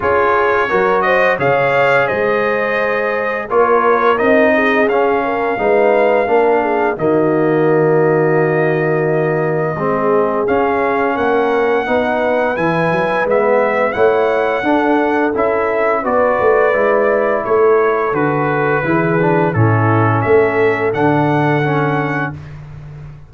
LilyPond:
<<
  \new Staff \with { instrumentName = "trumpet" } { \time 4/4 \tempo 4 = 86 cis''4. dis''8 f''4 dis''4~ | dis''4 cis''4 dis''4 f''4~ | f''2 dis''2~ | dis''2. f''4 |
fis''2 gis''4 e''4 | fis''2 e''4 d''4~ | d''4 cis''4 b'2 | a'4 e''4 fis''2 | }
  \new Staff \with { instrumentName = "horn" } { \time 4/4 gis'4 ais'8 c''8 cis''4 c''4~ | c''4 ais'4. gis'4 ais'8 | b'4 ais'8 gis'8 fis'2~ | fis'2 gis'2 |
ais'4 b'2. | cis''4 a'2 b'4~ | b'4 a'2 gis'4 | e'4 a'2. | }
  \new Staff \with { instrumentName = "trombone" } { \time 4/4 f'4 fis'4 gis'2~ | gis'4 f'4 dis'4 cis'4 | dis'4 d'4 ais2~ | ais2 c'4 cis'4~ |
cis'4 dis'4 e'4 b4 | e'4 d'4 e'4 fis'4 | e'2 fis'4 e'8 d'8 | cis'2 d'4 cis'4 | }
  \new Staff \with { instrumentName = "tuba" } { \time 4/4 cis'4 fis4 cis4 gis4~ | gis4 ais4 c'4 cis'4 | gis4 ais4 dis2~ | dis2 gis4 cis'4 |
ais4 b4 e8 fis8 gis4 | a4 d'4 cis'4 b8 a8 | gis4 a4 d4 e4 | a,4 a4 d2 | }
>>